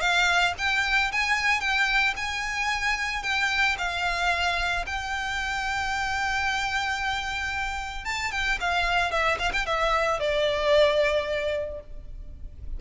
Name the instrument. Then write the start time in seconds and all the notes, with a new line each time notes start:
violin
0.00 F5
0.58 G5
1.12 G#5
1.60 G5
2.16 G#5
3.22 G5
3.78 F5
4.86 G5
8.05 A5
8.31 G5
8.60 F5
9.11 E5
9.38 F5
9.53 G5
9.66 E5
10.19 D5